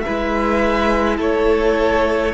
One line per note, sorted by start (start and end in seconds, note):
0.00 2.34 E4
0.00 1.17 B4
0.00 1.15 E5
0.08 1.19 G#3
1.17 2.34 A3
1.17 2.32 A4
1.17 2.34 C#5